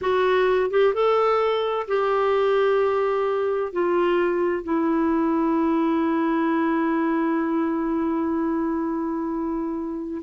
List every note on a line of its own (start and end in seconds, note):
0.01 0.70 F#4
0.70 0.93 G4
0.93 1.86 A4
1.87 3.72 G4
3.72 4.63 F4
4.63 10.22 E4